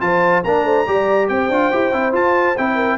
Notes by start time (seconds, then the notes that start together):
0.00 F3 F4 C5 A5
0.43 A#3 D4 A#4 A#5
0.64 A3 C5
0.86 G3 G4 D5
1.28 C4 C5 G5
1.48 D4 F4
1.72 E4 G4
1.92 C4 E4
2.12 F4 A5
2.56 C4 E4 G5
2.74 A#4